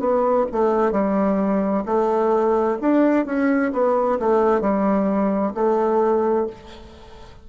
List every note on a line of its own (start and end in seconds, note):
0.00 0.46 B3
0.52 0.92 A3
0.92 1.85 G3
1.86 2.78 A3
2.82 3.26 D4
3.26 3.72 C#4
3.73 4.19 B3
4.20 4.61 A3
4.61 5.53 G3
5.55 6.47 A3